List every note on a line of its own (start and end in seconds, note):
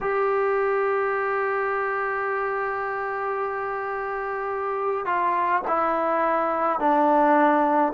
0.00 5.05 G4
5.05 5.62 F4
5.67 6.79 E4
6.79 7.92 D4